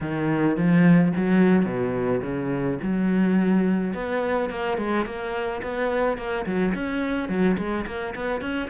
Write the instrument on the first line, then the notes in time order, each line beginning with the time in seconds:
cello
0.01 D#3
0.56 F3
1.16 F#3
1.65 B2
2.22 C#3
2.82 F#3
3.94 B3
4.50 A#3
4.77 G#3
5.05 A#3
5.62 B3
6.17 A#3
6.46 F#3
6.74 C#4
7.28 F#3
7.57 G#3
7.86 A#3
8.15 B3
8.41 C#4